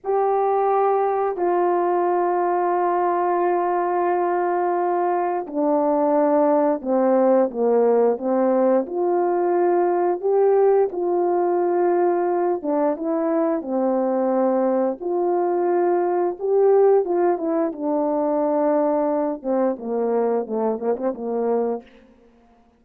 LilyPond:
\new Staff \with { instrumentName = "horn" } { \time 4/4 \tempo 4 = 88 g'2 f'2~ | f'1 | d'2 c'4 ais4 | c'4 f'2 g'4 |
f'2~ f'8 d'8 e'4 | c'2 f'2 | g'4 f'8 e'8 d'2~ | d'8 c'8 ais4 a8 ais16 c'16 ais4 | }